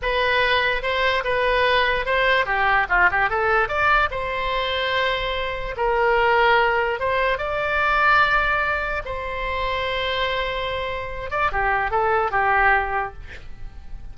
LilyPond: \new Staff \with { instrumentName = "oboe" } { \time 4/4 \tempo 4 = 146 b'2 c''4 b'4~ | b'4 c''4 g'4 f'8 g'8 | a'4 d''4 c''2~ | c''2 ais'2~ |
ais'4 c''4 d''2~ | d''2 c''2~ | c''2.~ c''8 d''8 | g'4 a'4 g'2 | }